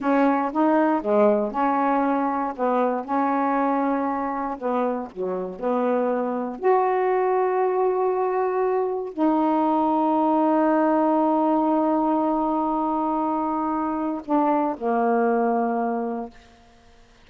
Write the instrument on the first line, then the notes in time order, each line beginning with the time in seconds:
saxophone
0.00 C#4
0.52 D#4
1.01 G#3
1.51 C#4
2.56 B3
3.04 C#4
4.58 B3
5.11 F#3
5.59 B3
6.59 F#4
9.13 D#4
14.25 D4
14.77 A#3